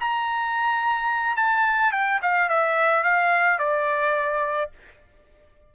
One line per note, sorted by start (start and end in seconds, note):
0.00 1.36 A#5
1.36 1.92 A5
1.92 2.20 G5
2.22 2.49 F5
2.49 3.04 E5
3.04 3.59 F5
3.59 4.71 D5